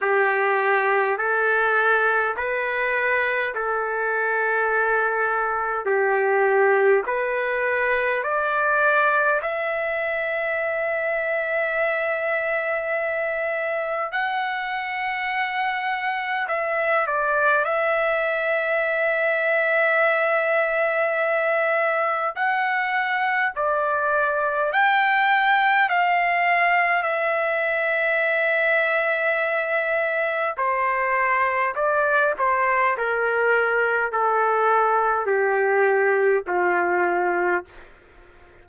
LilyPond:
\new Staff \with { instrumentName = "trumpet" } { \time 4/4 \tempo 4 = 51 g'4 a'4 b'4 a'4~ | a'4 g'4 b'4 d''4 | e''1 | fis''2 e''8 d''8 e''4~ |
e''2. fis''4 | d''4 g''4 f''4 e''4~ | e''2 c''4 d''8 c''8 | ais'4 a'4 g'4 f'4 | }